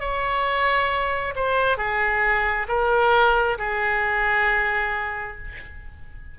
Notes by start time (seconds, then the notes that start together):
0.00 C#5
1.36 C5
1.78 G#4
2.69 A#4
3.58 G#4